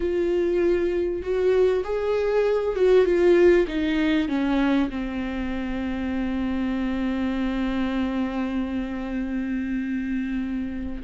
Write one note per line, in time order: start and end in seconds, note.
0.00 1.22 F4
1.22 1.83 F#4
1.84 2.75 G#4
2.75 3.05 F#4
3.05 3.66 F4
3.67 4.28 D#4
4.28 4.89 C#4
4.90 11.02 C4